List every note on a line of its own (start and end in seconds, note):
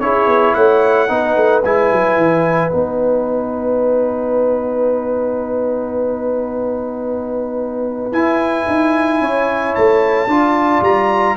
0.00 0.27 C#4
0.00 1.09 E4
0.00 0.56 G#4
0.00 0.54 C#5
0.27 0.54 B3
0.54 1.10 A3
0.54 1.10 C#5
0.54 1.62 F#5
1.09 1.36 B3
1.09 1.63 D#4
1.09 9.22 B4
1.36 1.64 A3
1.64 1.92 G#3
1.64 2.72 E4
1.64 2.72 G#5
1.92 2.17 F#3
2.17 2.71 E3
2.72 8.12 B3
2.72 8.12 D#4
2.72 8.13 F#5
8.12 8.66 E4
8.12 10.29 E4
8.12 9.75 G#5
8.68 9.21 D#4
9.21 9.75 C#4
9.21 10.28 C#5
9.75 10.27 A3
9.75 10.83 A5
10.27 10.81 D4
10.27 11.37 F4
10.27 11.37 D5
10.82 11.36 G3
10.82 11.37 A#5